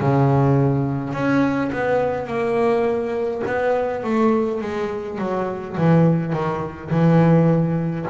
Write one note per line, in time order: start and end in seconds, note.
0.00 1.13 C#3
1.13 1.70 C#4
1.72 2.27 B3
2.27 3.42 A#3
3.46 4.03 B3
4.03 4.60 A3
4.61 5.18 G#3
5.18 5.76 F#3
5.77 6.33 E3
6.33 6.90 D#3
6.90 8.06 E3